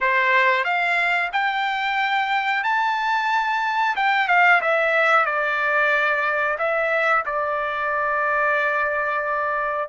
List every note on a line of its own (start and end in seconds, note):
0.00 0.64 C5
0.64 1.30 F5
1.32 2.63 G5
2.63 3.95 A5
3.96 4.27 G5
4.27 4.60 F5
4.61 5.25 E5
5.25 6.57 D5
6.58 7.24 E5
7.25 9.88 D5